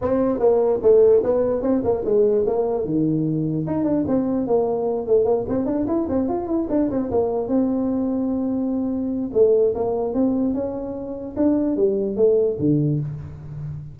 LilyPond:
\new Staff \with { instrumentName = "tuba" } { \time 4/4 \tempo 4 = 148 c'4 ais4 a4 b4 | c'8 ais8 gis4 ais4 dis4~ | dis4 dis'8 d'8 c'4 ais4~ | ais8 a8 ais8 c'8 d'8 e'8 c'8 f'8 |
e'8 d'8 c'8 ais4 c'4.~ | c'2. a4 | ais4 c'4 cis'2 | d'4 g4 a4 d4 | }